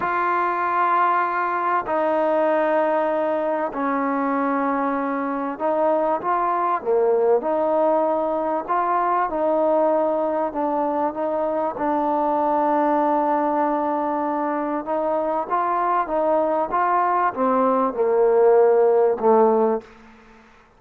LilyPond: \new Staff \with { instrumentName = "trombone" } { \time 4/4 \tempo 4 = 97 f'2. dis'4~ | dis'2 cis'2~ | cis'4 dis'4 f'4 ais4 | dis'2 f'4 dis'4~ |
dis'4 d'4 dis'4 d'4~ | d'1 | dis'4 f'4 dis'4 f'4 | c'4 ais2 a4 | }